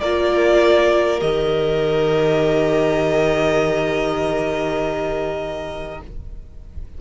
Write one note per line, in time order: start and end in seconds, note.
0.00 1.21 A#3
0.00 1.19 F4
0.00 6.00 A#4
0.00 1.20 D5
1.19 6.01 D#3
1.19 5.99 G4
1.19 6.00 D#5